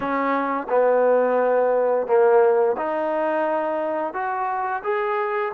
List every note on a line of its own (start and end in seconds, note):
0.00 0.67 C#4
0.69 2.07 B3
2.07 2.76 A#3
2.77 4.13 D#4
4.13 4.82 F#4
4.83 5.52 G#4